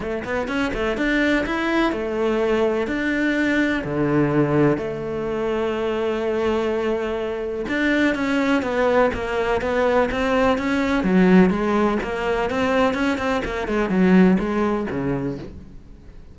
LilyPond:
\new Staff \with { instrumentName = "cello" } { \time 4/4 \tempo 4 = 125 a8 b8 cis'8 a8 d'4 e'4 | a2 d'2 | d2 a2~ | a1 |
d'4 cis'4 b4 ais4 | b4 c'4 cis'4 fis4 | gis4 ais4 c'4 cis'8 c'8 | ais8 gis8 fis4 gis4 cis4 | }